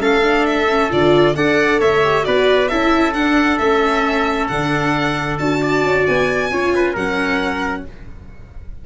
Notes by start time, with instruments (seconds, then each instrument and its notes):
0.00 tuba A3, viola C#4, trumpet A4, violin F5
0.23 viola D4
0.46 violin E5
0.70 viola C#4
0.91 tuba D3, viola F4, violin D5
1.35 tuba D4, viola A4, trumpet D5, violin F#5
1.79 tuba A3, trumpet C#5, violin E5
2.04 viola G4
2.24 tuba B3, viola F#4, trumpet B4, violin D5
2.69 tuba C#4, viola E4, trumpet A4, violin E5
3.14 viola D4, tuba D4, violin F#5
3.58 tuba A3, viola C#4, violin E5
4.48 tuba D3, viola D4, violin F#5
5.39 tuba D4, viola F#4, violin A5
5.62 trumpet D5
5.83 tuba C#4
6.07 tuba B3, violin G#5
6.51 tuba C#4, viola F4, trumpet C#5
6.75 trumpet B4
6.94 tuba F#3, viola C#4, trumpet A#4, violin F#5